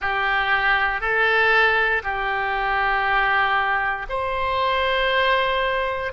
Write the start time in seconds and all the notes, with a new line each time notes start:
0.01 G4
1.00 A4
2.03 G4
4.09 C5